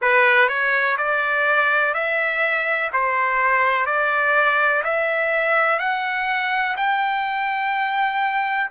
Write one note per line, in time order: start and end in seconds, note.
0.01 0.48 B4
0.48 0.97 C#5
0.97 1.94 D5
1.94 2.90 E5
2.93 3.86 C5
3.86 4.83 D5
4.84 5.79 E5
5.79 6.76 F#5
6.77 8.70 G5